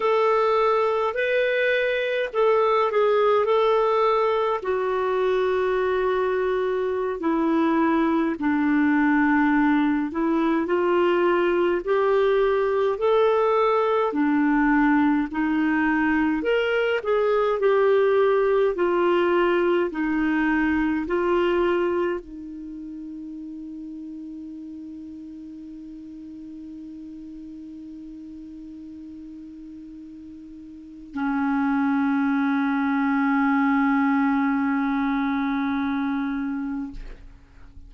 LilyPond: \new Staff \with { instrumentName = "clarinet" } { \time 4/4 \tempo 4 = 52 a'4 b'4 a'8 gis'8 a'4 | fis'2~ fis'16 e'4 d'8.~ | d'8. e'8 f'4 g'4 a'8.~ | a'16 d'4 dis'4 ais'8 gis'8 g'8.~ |
g'16 f'4 dis'4 f'4 dis'8.~ | dis'1~ | dis'2. cis'4~ | cis'1 | }